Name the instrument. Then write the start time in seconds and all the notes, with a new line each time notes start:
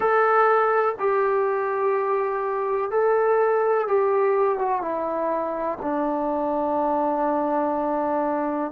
trombone
0.00 A4
0.99 G4
2.90 A4
3.87 G4
4.58 F#4
4.81 E4
5.81 D4